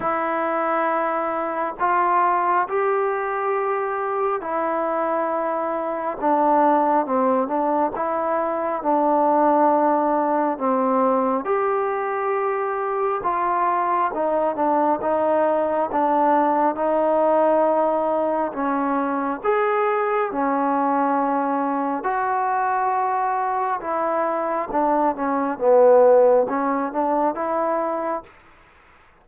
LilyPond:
\new Staff \with { instrumentName = "trombone" } { \time 4/4 \tempo 4 = 68 e'2 f'4 g'4~ | g'4 e'2 d'4 | c'8 d'8 e'4 d'2 | c'4 g'2 f'4 |
dis'8 d'8 dis'4 d'4 dis'4~ | dis'4 cis'4 gis'4 cis'4~ | cis'4 fis'2 e'4 | d'8 cis'8 b4 cis'8 d'8 e'4 | }